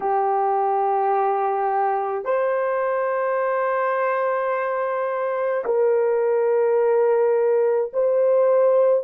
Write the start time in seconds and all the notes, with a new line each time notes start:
0.00 G4
2.24 C5
5.64 A#4
7.93 C5